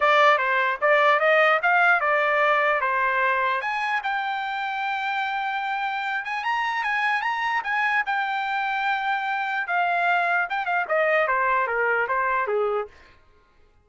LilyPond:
\new Staff \with { instrumentName = "trumpet" } { \time 4/4 \tempo 4 = 149 d''4 c''4 d''4 dis''4 | f''4 d''2 c''4~ | c''4 gis''4 g''2~ | g''2.~ g''8 gis''8 |
ais''4 gis''4 ais''4 gis''4 | g''1 | f''2 g''8 f''8 dis''4 | c''4 ais'4 c''4 gis'4 | }